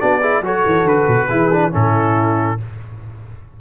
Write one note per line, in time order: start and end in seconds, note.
0.00 0.41 B3
0.00 0.21 D4
0.00 0.21 F#4
0.00 0.43 D5
0.21 0.43 E4
0.21 0.42 G#4
0.41 0.62 F#3
0.41 1.29 F#4
0.41 1.28 A4
0.41 0.88 C#5
0.66 0.85 E3
0.85 1.06 D3
0.85 1.73 B4
1.08 1.29 B2
1.28 1.74 E3
1.28 1.50 E4
1.28 1.70 G#4
1.53 1.72 D4
1.72 2.60 A2
1.72 2.58 C#4
1.72 2.58 E4
1.72 2.61 A4